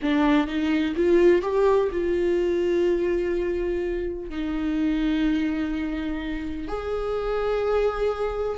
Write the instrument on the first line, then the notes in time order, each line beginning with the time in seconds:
viola
0.02 D4
0.47 D#4
0.95 F4
1.42 G4
1.91 F4
4.29 D#4
6.68 G#4